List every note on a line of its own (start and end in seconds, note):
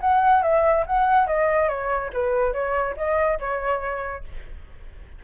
0.00 0.42 F#5
0.42 0.85 E5
0.86 1.27 F#5
1.27 1.68 D#5
1.68 2.10 C#5
2.13 2.52 B4
2.52 2.95 C#5
2.96 3.39 D#5
3.39 4.23 C#5